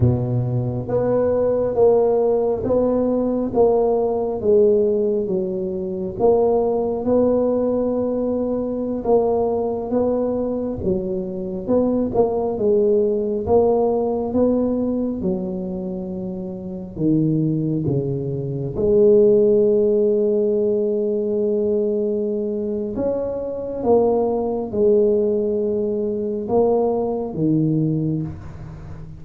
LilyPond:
\new Staff \with { instrumentName = "tuba" } { \time 4/4 \tempo 4 = 68 b,4 b4 ais4 b4 | ais4 gis4 fis4 ais4 | b2~ b16 ais4 b8.~ | b16 fis4 b8 ais8 gis4 ais8.~ |
ais16 b4 fis2 dis8.~ | dis16 cis4 gis2~ gis8.~ | gis2 cis'4 ais4 | gis2 ais4 dis4 | }